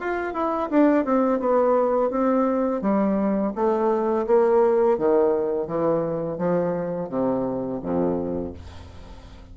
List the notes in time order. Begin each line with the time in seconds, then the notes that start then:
0.00 F4
0.34 E4
0.70 D4
1.05 C4
1.40 B3
2.10 C4
2.82 G3
3.55 A3
4.27 A#3
4.98 D#3
5.67 E3
6.38 F3
7.09 C3
7.83 F2